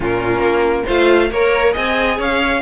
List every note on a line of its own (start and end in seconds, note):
0.00 0.39 A#2
0.00 0.86 C#4
0.00 0.85 F4
0.00 0.87 A#4
0.39 0.83 A#3
0.85 1.31 A3
0.85 1.31 F4
0.85 1.28 C5
0.85 1.31 F5
1.31 1.75 A#3
1.31 1.72 A#4
1.31 1.76 A#4
1.31 1.73 C#5
1.72 2.18 C4
1.72 2.59 G#4
1.72 2.17 D#5
1.72 2.20 G#5
2.17 2.62 C#4
2.17 2.61 C#5
2.17 2.62 F5